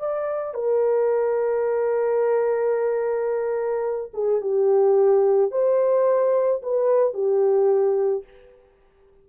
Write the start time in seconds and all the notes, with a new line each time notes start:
0.00 D5
0.54 A#4
4.14 G#4
4.41 G4
5.52 C5
6.63 B4
7.14 G4